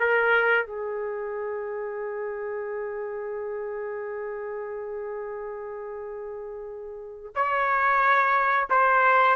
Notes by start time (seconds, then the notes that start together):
0.00 A#4
0.67 G#4
7.35 C#5
8.71 C5